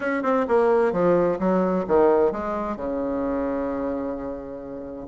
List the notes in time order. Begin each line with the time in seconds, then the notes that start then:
0.00 C#4
0.22 C4
0.47 A#3
0.92 F3
1.39 F#3
1.87 D#3
2.32 G#3
2.76 C#3